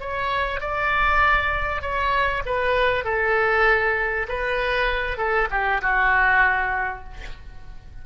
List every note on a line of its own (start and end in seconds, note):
0.00 0.61 C#5
0.61 1.82 D5
1.82 2.43 C#5
2.46 3.04 B4
3.04 4.27 A4
4.29 5.18 B4
5.18 5.49 A4
5.51 5.81 G4
5.82 7.04 F#4